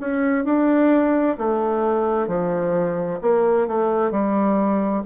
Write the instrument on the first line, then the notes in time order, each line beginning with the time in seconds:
bassoon
0.00 C#4
0.44 D4
1.38 A3
2.27 F3
3.21 A#3
3.67 A3
4.10 G3